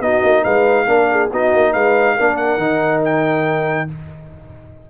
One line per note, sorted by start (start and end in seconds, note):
0.00 0.21 B3
0.00 0.86 D#4
0.00 0.43 F#4
0.00 0.44 D#5
0.23 0.44 A#3
0.43 0.87 G#3
0.43 0.86 B4
0.43 1.30 F5
0.86 1.30 A#3
0.86 1.29 D4
0.86 1.08 A#4
1.11 1.32 G#4
1.32 1.53 B3
1.32 2.18 D#4
1.32 1.72 F#4
1.32 1.73 D#5
1.53 1.74 A#3
1.72 2.17 G#3
1.72 2.15 B4
1.72 2.36 F5
2.16 2.57 A#3
2.16 2.59 D4
2.16 3.88 A#4
2.36 3.01 F#5
2.57 3.86 D#3
2.57 3.88 D#4
3.04 3.90 G5